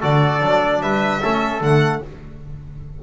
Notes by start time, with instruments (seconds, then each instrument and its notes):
0.00 double bass D3, trombone F#4, trumpet A4, violin D5
0.41 double bass F#3, trombone D4
0.81 double bass G3, trumpet B4, violin E5
1.21 double bass A3, trombone C#4, trumpet A4
1.60 double bass D3, trombone A3, violin F#5